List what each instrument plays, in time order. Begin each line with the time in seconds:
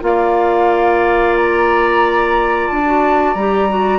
0.00 bassoon A#3, clarinet F4, oboe D5, flute F5
1.36 flute A#5
2.67 bassoon D4, flute A5
2.85 clarinet F#4
3.34 bassoon G3, clarinet G4, flute A#5
3.69 clarinet F#4